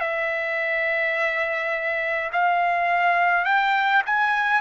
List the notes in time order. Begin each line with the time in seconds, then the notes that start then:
0.00 E5
2.32 F5
3.45 G5
4.06 G#5